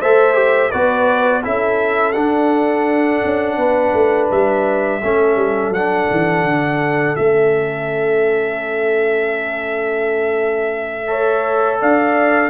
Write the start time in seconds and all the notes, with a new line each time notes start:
0.00 A3 A4 C5 E5
0.34 G4
0.71 B3 F#4 B4 D5
1.43 C#4 E4 A4 E5
2.12 D4 F#5
3.24 C#4
3.57 B3 B4
3.93 A3
4.31 G3 E5
5.01 A3 C#4 A4
5.36 G3
5.69 F#3 F#5
5.75 D4
6.10 E3
6.43 D3
7.15 A3 C#4 E5
11.07 A4 C#5
11.80 D4 D5 F5